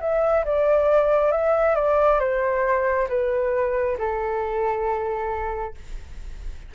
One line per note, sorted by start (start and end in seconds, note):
0.00 0.44 E5
0.44 1.31 D5
1.31 1.75 E5
1.75 2.19 D5
2.19 3.07 C5
3.08 3.97 B4
3.97 5.74 A4